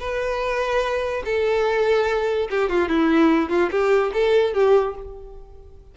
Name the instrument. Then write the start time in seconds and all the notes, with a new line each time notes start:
violin
0.00 B4
1.25 A4
2.50 G4
2.70 F4
2.89 E4
3.50 F4
3.71 G4
4.14 A4
4.54 G4